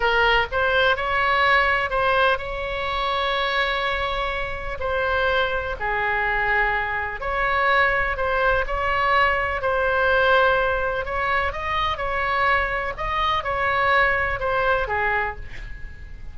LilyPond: \new Staff \with { instrumentName = "oboe" } { \time 4/4 \tempo 4 = 125 ais'4 c''4 cis''2 | c''4 cis''2.~ | cis''2 c''2 | gis'2. cis''4~ |
cis''4 c''4 cis''2 | c''2. cis''4 | dis''4 cis''2 dis''4 | cis''2 c''4 gis'4 | }